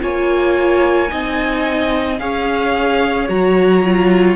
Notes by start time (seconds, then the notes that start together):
0.00 A#3 F4 C#5 G#5
1.09 C4 D#4 D#5
2.18 C#4 G#4 C#5 F5
3.28 F#3 F#4 A#5
3.84 F4